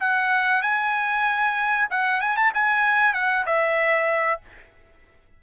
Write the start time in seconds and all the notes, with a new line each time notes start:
0.00 F#5
0.62 G#5
1.91 F#5
2.21 G#5
2.37 A5
2.54 G#5
3.14 F#5
3.46 E5